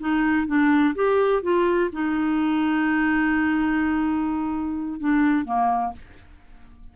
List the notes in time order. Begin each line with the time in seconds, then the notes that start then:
0.00 D#4
0.47 D4
0.95 G4
1.43 F4
1.93 D#4
5.00 D4
5.45 A#3